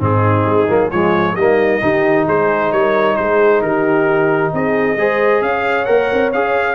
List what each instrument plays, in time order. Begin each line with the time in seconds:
0.00 tuba G#2, trombone C4, horn D#4, trumpet G#4
0.45 tuba G#3
0.69 tuba F#3, trombone A#3
0.91 tuba F3, trombone G#3, horn F4, trumpet C#5
1.35 tuba G3, trombone A#3, horn D#4, trumpet D#5
1.82 tuba D#3, trombone D#4, horn G4
2.26 tuba G#3, horn G#4, trumpet C5
2.72 tuba G3, horn A#4, trumpet C#5
3.16 tuba G#3, horn G#4, trumpet C5
3.62 tuba D#3, horn G4, trumpet A#4
4.53 tuba C4, horn G#4, trumpet D#5
4.96 tuba G#3, trombone G#4, horn C5
5.42 tuba C#4, horn C#5, trumpet F5
5.85 tuba A#3, trombone A#4, trumpet F#5
6.12 tuba C4
6.33 tuba C#4, trombone G#4, trumpet F5